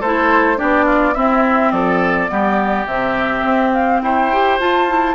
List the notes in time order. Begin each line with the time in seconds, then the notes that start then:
0.00 A3 E4 A4 C5
0.56 B3 D4 G4 D5
0.85 F4
1.14 C4 E4 E5
1.71 F3 A4 D5
2.28 G3 B3 G4
2.86 C3 C4 E5
3.44 C4
3.73 F5
4.02 E4 C5 G5
4.32 G4
4.60 F4 A5
4.88 E4